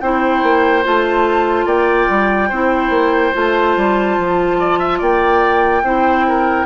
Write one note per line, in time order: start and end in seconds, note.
0.00 0.43 C4
0.00 0.83 E4
0.00 1.66 C5
0.00 0.83 G5
0.43 0.85 A#3
0.83 1.66 A3
0.83 2.50 F4
0.83 1.68 A5
1.66 2.08 A#3
1.66 2.49 D5
1.66 3.35 G5
2.10 2.51 G3
2.49 2.90 C4
2.49 3.33 E4
2.49 4.58 C5
2.90 3.32 A#3
3.33 3.77 A3
3.33 5.83 F4
3.33 5.02 A5
3.77 4.18 G3
4.18 5.01 F3
4.60 4.79 D5
4.79 4.99 E5
4.99 5.83 A#3
4.99 5.82 D5
4.99 6.67 G5
5.83 6.66 C4
5.83 6.67 E4
5.83 6.26 C5
6.28 6.67 A#4